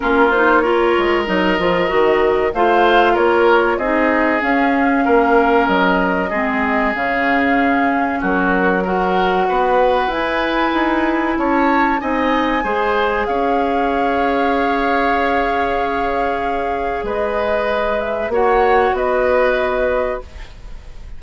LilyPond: <<
  \new Staff \with { instrumentName = "flute" } { \time 4/4 \tempo 4 = 95 ais'8 c''8 cis''4 dis''2 | f''4 cis''4 dis''4 f''4~ | f''4 dis''2 f''4~ | f''4 ais'4 fis''2 |
gis''2 a''4 gis''4~ | gis''4 f''2.~ | f''2. dis''4~ | dis''8 e''8 fis''4 dis''2 | }
  \new Staff \with { instrumentName = "oboe" } { \time 4/4 f'4 ais'2. | c''4 ais'4 gis'2 | ais'2 gis'2~ | gis'4 fis'4 ais'4 b'4~ |
b'2 cis''4 dis''4 | c''4 cis''2.~ | cis''2. b'4~ | b'4 cis''4 b'2 | }
  \new Staff \with { instrumentName = "clarinet" } { \time 4/4 cis'8 dis'8 f'4 dis'8 f'8 fis'4 | f'2 dis'4 cis'4~ | cis'2 c'4 cis'4~ | cis'2 fis'2 |
e'2. dis'4 | gis'1~ | gis'1~ | gis'4 fis'2. | }
  \new Staff \with { instrumentName = "bassoon" } { \time 4/4 ais4. gis8 fis8 f8 dis4 | a4 ais4 c'4 cis'4 | ais4 fis4 gis4 cis4~ | cis4 fis2 b4 |
e'4 dis'4 cis'4 c'4 | gis4 cis'2.~ | cis'2. gis4~ | gis4 ais4 b2 | }
>>